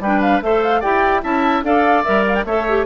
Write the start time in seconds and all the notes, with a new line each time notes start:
0.00 G3 B4 G5
0.06 D4
0.22 F5
0.42 A3 A4 C5 E5
0.63 F5
0.80 E4 G4 D5 G5
1.23 C#4 E4 E5 A5
1.63 D4 A4 D5 F5
2.04 G3 A#4 E5
2.28 F5
2.35 G5
2.45 A3 A4 C#5 E5
2.69 G4